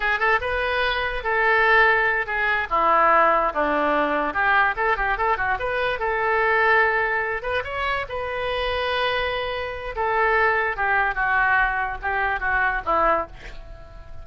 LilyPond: \new Staff \with { instrumentName = "oboe" } { \time 4/4 \tempo 4 = 145 gis'8 a'8 b'2 a'4~ | a'4. gis'4 e'4.~ | e'8 d'2 g'4 a'8 | g'8 a'8 fis'8 b'4 a'4.~ |
a'2 b'8 cis''4 b'8~ | b'1 | a'2 g'4 fis'4~ | fis'4 g'4 fis'4 e'4 | }